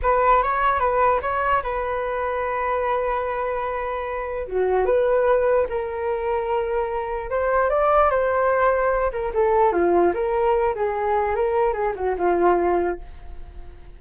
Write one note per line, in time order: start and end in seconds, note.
0.02 0.43 B4
0.43 0.79 C#5
0.79 1.20 B4
1.21 1.62 C#5
1.63 4.46 B4
4.47 4.85 F#4
4.85 5.66 B4
5.69 7.30 A#4
7.30 7.69 C5
7.69 8.10 D5
8.10 9.11 C5
9.12 9.32 A#4
9.34 9.72 A4
9.72 10.13 F4
10.14 10.74 A#4
10.75 11.35 G#4
11.35 11.73 A#4
11.73 11.93 G#4
11.95 12.15 F#4
12.18 12.99 F4